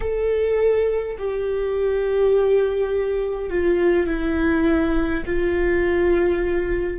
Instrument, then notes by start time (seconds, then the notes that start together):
viola
0.00 A4
1.18 G4
3.50 F4
4.06 E4
5.26 F4